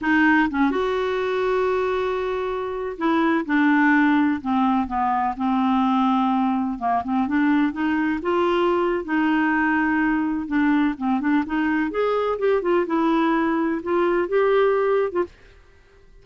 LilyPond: \new Staff \with { instrumentName = "clarinet" } { \time 4/4 \tempo 4 = 126 dis'4 cis'8 fis'2~ fis'8~ | fis'2~ fis'16 e'4 d'8.~ | d'4~ d'16 c'4 b4 c'8.~ | c'2~ c'16 ais8 c'8 d'8.~ |
d'16 dis'4 f'4.~ f'16 dis'4~ | dis'2 d'4 c'8 d'8 | dis'4 gis'4 g'8 f'8 e'4~ | e'4 f'4 g'4.~ g'16 f'16 | }